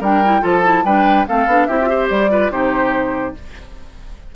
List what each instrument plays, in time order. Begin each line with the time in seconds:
0.00 bassoon G3, clarinet D4, oboe A#4, flute G5
0.24 clarinet E4
0.41 bassoon F3, clarinet F4, oboe A4, flute A5
0.64 clarinet E4
0.84 bassoon G3, clarinet D4, oboe B4, flute G5
1.27 bassoon A3, clarinet C4, oboe A4, flute F5
1.47 bassoon B3, clarinet D4
1.66 bassoon C4, clarinet E4, oboe G4, flute E5
1.81 clarinet F4
1.89 clarinet G4, oboe C5
2.10 bassoon G3, flute D5
2.30 clarinet F4, oboe B4
2.51 bassoon C3, clarinet D#4, oboe G4, flute C5